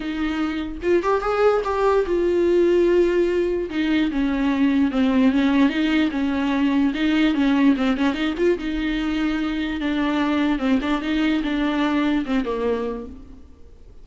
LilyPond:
\new Staff \with { instrumentName = "viola" } { \time 4/4 \tempo 4 = 147 dis'2 f'8 g'8 gis'4 | g'4 f'2.~ | f'4 dis'4 cis'2 | c'4 cis'4 dis'4 cis'4~ |
cis'4 dis'4 cis'4 c'8 cis'8 | dis'8 f'8 dis'2. | d'2 c'8 d'8 dis'4 | d'2 c'8 ais4. | }